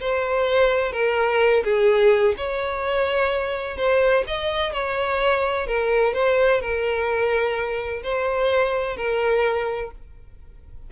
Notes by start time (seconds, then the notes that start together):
0.00 C5
0.92 A#4
1.64 G#4
2.37 C#5
3.77 C5
4.27 D#5
4.73 C#5
5.67 A#4
6.14 C5
6.61 A#4
8.03 C5
8.96 A#4